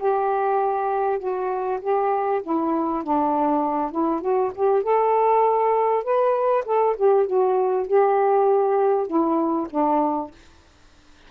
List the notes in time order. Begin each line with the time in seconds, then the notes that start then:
0.00 G4
1.19 F#4
1.81 G4
2.44 E4
3.04 D4
3.92 E4
4.21 F#4
4.55 G4
4.83 A4
6.04 B4
6.66 A4
6.97 G4
7.27 F#4
7.88 G4
9.07 E4
9.71 D4